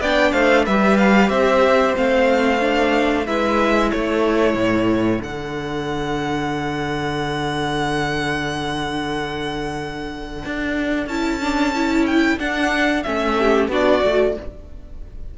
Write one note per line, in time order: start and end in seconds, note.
0.00 0.33 B3
0.00 0.69 D4
0.00 0.32 D5
0.00 0.32 G5
0.32 0.66 A3
0.32 0.65 C5
0.32 0.65 F5
0.65 1.29 G3
0.65 1.96 G4
0.65 1.30 B4
0.65 0.97 E5
0.97 1.29 F5
1.29 1.95 C4
1.29 3.26 C5
1.29 1.94 E5
1.96 3.27 A3
1.96 2.60 C4
1.96 3.26 F5
2.60 3.25 D4
3.26 3.92 G#3
3.26 5.21 E4
3.26 3.91 B4
3.26 3.91 E5
3.91 4.54 A3
3.91 13.36 A4
3.91 5.21 C#5
4.54 5.19 A2
5.21 10.43 D3
5.21 11.08 D4
5.21 11.07 F#5
10.45 11.06 D4
11.06 12.37 C#4
11.06 11.41 E4
11.06 12.05 A5
11.41 11.74 D4
11.75 12.38 E4
12.06 12.38 G5
12.38 13.04 D4
12.38 13.03 F#5
13.03 13.68 A3
13.03 13.70 C#4
13.03 13.68 E5
13.38 13.71 G4
13.68 14.00 B3
13.68 14.02 D4
13.68 14.36 F#4
13.68 14.38 D5
14.02 14.37 A3
14.02 14.35 F#4